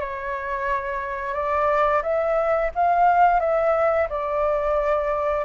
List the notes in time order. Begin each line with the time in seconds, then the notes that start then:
0.00 C#5
1.34 D5
2.03 E5
2.75 F5
3.40 E5
4.09 D5